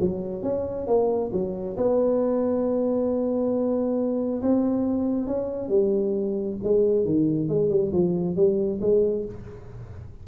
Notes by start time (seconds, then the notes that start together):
0.00 F#3
0.43 C#4
0.87 A#3
1.32 F#3
1.77 B3
4.42 C4
5.27 C#4
5.68 G3
6.63 G#3
7.05 D#3
7.48 G#3
7.69 G3
7.92 F3
8.35 G3
8.81 G#3